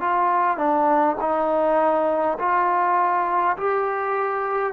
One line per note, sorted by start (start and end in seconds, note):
0.00 0.57 F4
0.57 1.16 D4
1.20 2.37 D#4
2.39 3.57 F4
3.57 4.73 G4